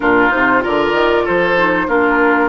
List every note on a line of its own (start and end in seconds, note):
0.00 0.32 A#2
0.00 0.29 D4
0.00 0.63 F4
0.00 0.31 A#4
0.29 0.65 C3
0.29 0.60 D#4
0.29 0.62 C5
0.60 0.93 D3
0.60 1.54 F4
0.60 1.24 A#4
0.60 1.27 D5
0.93 1.24 D#3
1.24 1.87 F3
1.24 1.86 A4
1.24 1.89 C5
1.57 1.88 D#4
1.87 2.48 A#3
1.87 2.48 D4
1.87 2.48 F4
1.87 2.48 A#4